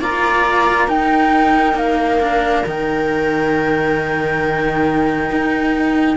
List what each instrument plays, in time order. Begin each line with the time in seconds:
0.00 cello A#3 F4, viola D5, flute A#5
0.87 cello D#4, viola A#4, flute G5
1.74 cello A#3, flute F5
2.22 cello D4
2.67 cello D#3 D#4, flute G5
5.32 cello D#4